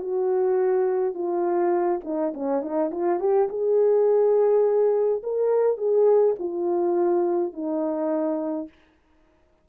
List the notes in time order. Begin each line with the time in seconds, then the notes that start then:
0.00 F#4
1.14 F4
2.04 D#4
2.34 C#4
2.62 D#4
2.91 F4
3.20 G4
3.49 G#4
5.23 A#4
5.77 G#4
6.39 F4
7.53 D#4